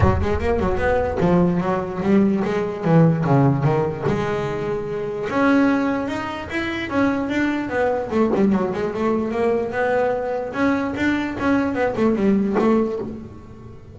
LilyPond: \new Staff \with { instrumentName = "double bass" } { \time 4/4 \tempo 4 = 148 fis8 gis8 ais8 fis8 b4 f4 | fis4 g4 gis4 e4 | cis4 dis4 gis2~ | gis4 cis'2 dis'4 |
e'4 cis'4 d'4 b4 | a8 g8 fis8 gis8 a4 ais4 | b2 cis'4 d'4 | cis'4 b8 a8 g4 a4 | }